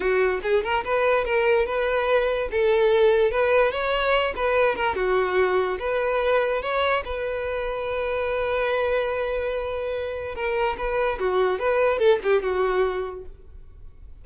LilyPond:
\new Staff \with { instrumentName = "violin" } { \time 4/4 \tempo 4 = 145 fis'4 gis'8 ais'8 b'4 ais'4 | b'2 a'2 | b'4 cis''4. b'4 ais'8 | fis'2 b'2 |
cis''4 b'2.~ | b'1~ | b'4 ais'4 b'4 fis'4 | b'4 a'8 g'8 fis'2 | }